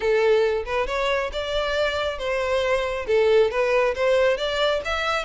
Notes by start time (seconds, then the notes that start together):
0.00 A4
0.65 B4
0.87 C#5
1.32 D5
2.18 C5
3.07 A4
3.50 B4
3.94 C5
4.37 D5
4.84 E5